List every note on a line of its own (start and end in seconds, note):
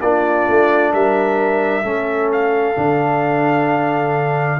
0.00 0.46 A#3
0.00 1.83 D4
0.00 0.92 F4
0.00 0.92 D5
0.48 0.93 A3
0.92 1.83 G3
0.92 1.84 A#4
0.92 2.31 E5
1.83 2.76 A3
1.83 2.75 C#4
1.83 4.60 A4
2.32 4.60 F5
2.75 4.60 D3
2.75 4.60 D4